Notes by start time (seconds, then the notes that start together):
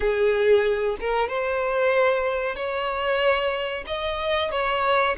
0.00 G#4
1.00 A#4
1.28 C5
2.55 C#5
3.86 D#5
4.51 C#5